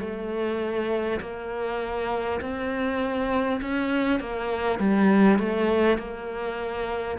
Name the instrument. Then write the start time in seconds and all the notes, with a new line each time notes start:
cello
0.00 A3
1.20 A#3
2.40 C4
3.61 C#4
4.19 A#3
4.79 G3
5.38 A3
5.98 A#3